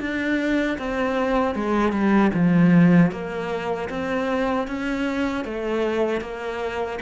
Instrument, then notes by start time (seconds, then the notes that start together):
cello
0.00 D4
0.79 C4
1.55 G#3
1.92 G3
2.34 F3
3.12 A#3
3.90 C4
4.68 C#4
5.45 A3
6.22 A#3